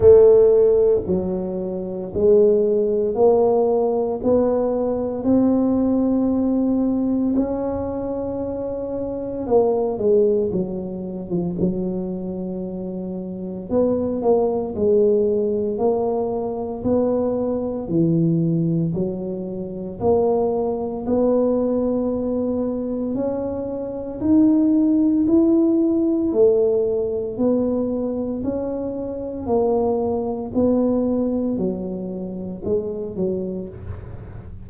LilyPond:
\new Staff \with { instrumentName = "tuba" } { \time 4/4 \tempo 4 = 57 a4 fis4 gis4 ais4 | b4 c'2 cis'4~ | cis'4 ais8 gis8 fis8. f16 fis4~ | fis4 b8 ais8 gis4 ais4 |
b4 e4 fis4 ais4 | b2 cis'4 dis'4 | e'4 a4 b4 cis'4 | ais4 b4 fis4 gis8 fis8 | }